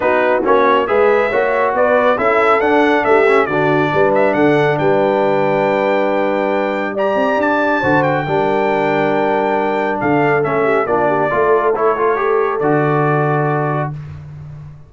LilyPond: <<
  \new Staff \with { instrumentName = "trumpet" } { \time 4/4 \tempo 4 = 138 b'4 cis''4 e''2 | d''4 e''4 fis''4 e''4 | d''4. e''8 fis''4 g''4~ | g''1 |
ais''4 a''4. g''4.~ | g''2. f''4 | e''4 d''2 cis''4~ | cis''4 d''2. | }
  \new Staff \with { instrumentName = "horn" } { \time 4/4 fis'2 b'4 cis''4 | b'4 a'2 g'4 | fis'4 b'4 a'4 b'4~ | b'1 |
d''2 c''4 ais'4~ | ais'2. a'4~ | a'8 g'8 f'8 g'8 a'2~ | a'1 | }
  \new Staff \with { instrumentName = "trombone" } { \time 4/4 dis'4 cis'4 gis'4 fis'4~ | fis'4 e'4 d'4. cis'8 | d'1~ | d'1 |
g'2 fis'4 d'4~ | d'1 | cis'4 d'4 f'4 e'8 f'8 | g'4 fis'2. | }
  \new Staff \with { instrumentName = "tuba" } { \time 4/4 b4 ais4 gis4 ais4 | b4 cis'4 d'4 a4 | d4 g4 d4 g4~ | g1~ |
g8 c'8 d'4 d4 g4~ | g2. d4 | a4 ais4 a2~ | a4 d2. | }
>>